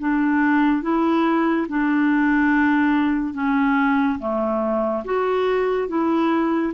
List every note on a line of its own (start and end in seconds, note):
0.00 0.83 D4
0.83 1.67 E4
1.69 3.34 D4
3.34 4.19 C#4
4.19 5.04 A3
5.05 5.89 F#4
5.89 6.73 E4